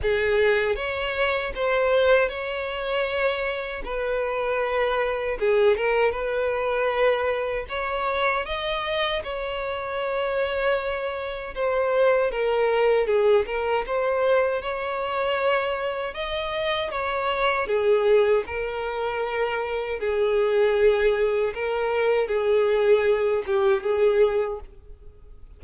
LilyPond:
\new Staff \with { instrumentName = "violin" } { \time 4/4 \tempo 4 = 78 gis'4 cis''4 c''4 cis''4~ | cis''4 b'2 gis'8 ais'8 | b'2 cis''4 dis''4 | cis''2. c''4 |
ais'4 gis'8 ais'8 c''4 cis''4~ | cis''4 dis''4 cis''4 gis'4 | ais'2 gis'2 | ais'4 gis'4. g'8 gis'4 | }